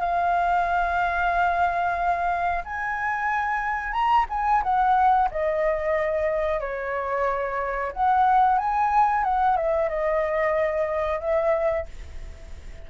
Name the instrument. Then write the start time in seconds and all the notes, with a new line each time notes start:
flute
0.00 F5
2.65 G#5
3.93 A#5
4.29 G#5
4.63 F#5
5.31 D#5
6.61 C#5
7.93 F#5
8.58 G#5
9.24 F#5
9.57 E5
9.89 D#5
11.20 E5